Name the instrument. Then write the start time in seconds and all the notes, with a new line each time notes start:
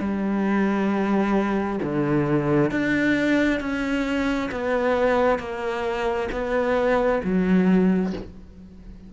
cello
0.00 G3
1.82 D3
2.71 D4
3.60 C#4
4.51 B3
5.39 A#3
6.32 B3
7.23 F#3